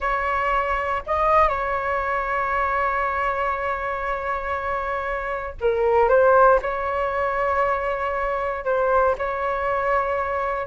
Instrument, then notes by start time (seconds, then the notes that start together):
flute
0.00 C#5
1.06 D#5
1.48 C#5
5.60 A#4
6.08 C5
6.61 C#5
8.64 C5
9.18 C#5